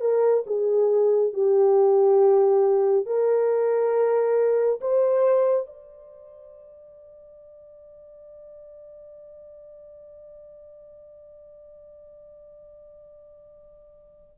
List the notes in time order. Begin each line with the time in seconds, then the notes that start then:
0.00 A#4
0.46 G#4
1.33 G4
3.06 A#4
4.81 C5
5.66 D5